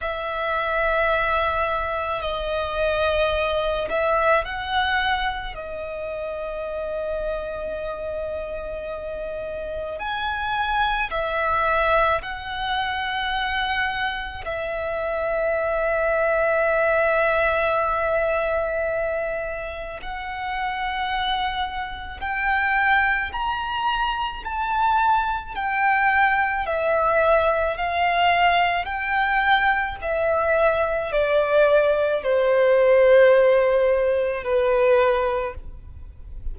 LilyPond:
\new Staff \with { instrumentName = "violin" } { \time 4/4 \tempo 4 = 54 e''2 dis''4. e''8 | fis''4 dis''2.~ | dis''4 gis''4 e''4 fis''4~ | fis''4 e''2.~ |
e''2 fis''2 | g''4 ais''4 a''4 g''4 | e''4 f''4 g''4 e''4 | d''4 c''2 b'4 | }